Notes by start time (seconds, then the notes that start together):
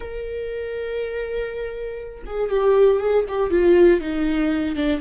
0.00 A#4
2.25 G#4
2.50 G4
2.99 G#4
3.28 G4
3.50 F4
4.00 D#4
4.75 D4